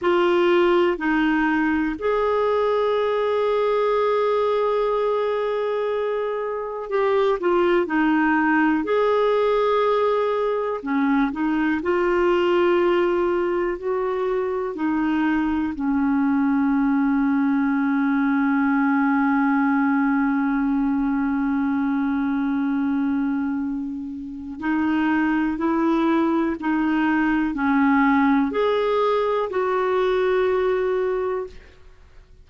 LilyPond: \new Staff \with { instrumentName = "clarinet" } { \time 4/4 \tempo 4 = 61 f'4 dis'4 gis'2~ | gis'2. g'8 f'8 | dis'4 gis'2 cis'8 dis'8 | f'2 fis'4 dis'4 |
cis'1~ | cis'1~ | cis'4 dis'4 e'4 dis'4 | cis'4 gis'4 fis'2 | }